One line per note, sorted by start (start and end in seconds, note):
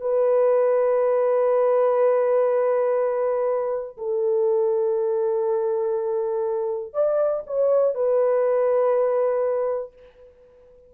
0.00 3.97 B4
3.97 6.93 A4
6.93 7.42 D5
7.46 7.94 C#5
7.94 9.93 B4